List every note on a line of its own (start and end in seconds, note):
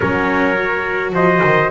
0.00 1.12 F#3
0.00 0.56 C#4
0.00 1.12 A#4
0.00 1.12 C#5
0.57 1.71 F#4
1.12 1.41 F3
1.12 1.71 C5
1.12 1.71 D#5
1.44 1.71 D#3